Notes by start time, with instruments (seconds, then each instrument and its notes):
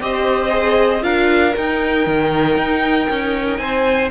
0.00 cello C4, viola G4, violin C5 D#5
0.49 viola G#4
1.01 cello D4, viola F4, violin A#4 F5
1.57 viola D#4, cello D#4, violin G5
2.06 cello D#3
2.57 cello D#4
3.09 cello C#4
3.57 cello C4, violin C5 G#5